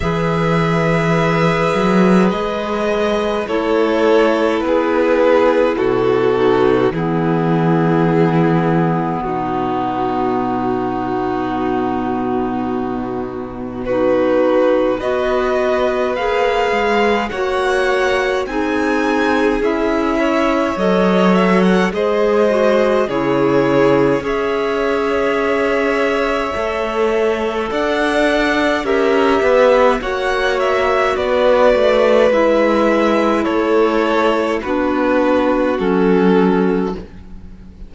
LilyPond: <<
  \new Staff \with { instrumentName = "violin" } { \time 4/4 \tempo 4 = 52 e''2 dis''4 cis''4 | b'4 a'4 gis'2 | fis'1 | b'4 dis''4 f''4 fis''4 |
gis''4 e''4 dis''8 e''16 fis''16 dis''4 | cis''4 e''2. | fis''4 e''4 fis''8 e''8 d''4 | e''4 cis''4 b'4 a'4 | }
  \new Staff \with { instrumentName = "violin" } { \time 4/4 b'2. a'4 | gis'4 fis'4 e'2 | dis'1 | fis'4 b'2 cis''4 |
gis'4. cis''4. c''4 | gis'4 cis''2. | d''4 ais'8 b'8 cis''4 b'4~ | b'4 a'4 fis'2 | }
  \new Staff \with { instrumentName = "clarinet" } { \time 4/4 gis'2. e'4~ | e'4. dis'8 b2~ | b1 | dis'4 fis'4 gis'4 fis'4 |
dis'4 e'4 a'4 gis'8 fis'8 | e'4 gis'2 a'4~ | a'4 g'4 fis'2 | e'2 d'4 cis'4 | }
  \new Staff \with { instrumentName = "cello" } { \time 4/4 e4. fis8 gis4 a4 | b4 b,4 e2 | b,1~ | b,4 b4 ais8 gis8 ais4 |
c'4 cis'4 fis4 gis4 | cis4 cis'2 a4 | d'4 cis'8 b8 ais4 b8 a8 | gis4 a4 b4 fis4 | }
>>